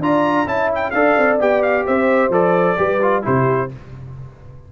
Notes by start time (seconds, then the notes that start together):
0.00 D4 F4 D5 A#5
0.46 C#4 E4 E5 A5
0.76 G5
0.91 D4 A4 D5 F5
1.18 C4
1.40 B3 G4 G5
1.63 F5
1.86 C4 C5 E5
2.30 F3 A4 D5
2.78 G3 G4 B4
3.03 F4
3.23 C3 E4 G4 C5